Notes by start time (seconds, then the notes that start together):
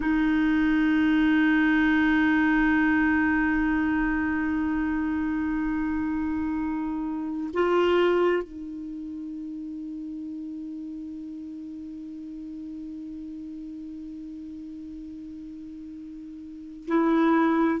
0.00 D#4
7.53 F4
8.42 D#4
16.87 E4